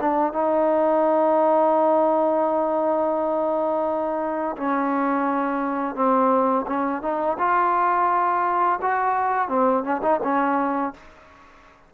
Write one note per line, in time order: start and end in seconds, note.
0.00 0.32 D4
0.32 4.56 D#4
4.56 5.95 C#4
5.95 6.65 C4
6.66 7.02 C#4
7.02 7.37 D#4
7.38 8.79 F4
8.81 9.48 F#4
9.48 9.83 C4
9.83 10.01 C#4
10.02 10.20 D#4
10.23 10.93 C#4